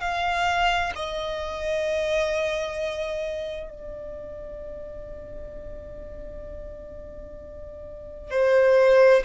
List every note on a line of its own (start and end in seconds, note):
0.00 0.92 F5
0.95 3.70 D#5
3.70 8.30 D5
8.30 9.22 C5